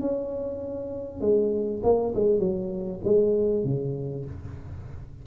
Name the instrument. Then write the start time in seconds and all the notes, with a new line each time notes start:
tuba
0.00 C#4
1.20 G#3
1.83 A#3
2.14 G#3
2.39 F#3
3.04 G#3
3.64 C#3